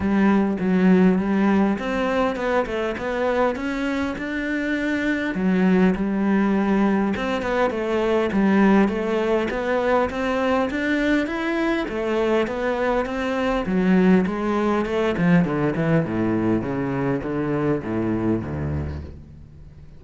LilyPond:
\new Staff \with { instrumentName = "cello" } { \time 4/4 \tempo 4 = 101 g4 fis4 g4 c'4 | b8 a8 b4 cis'4 d'4~ | d'4 fis4 g2 | c'8 b8 a4 g4 a4 |
b4 c'4 d'4 e'4 | a4 b4 c'4 fis4 | gis4 a8 f8 d8 e8 a,4 | cis4 d4 a,4 d,4 | }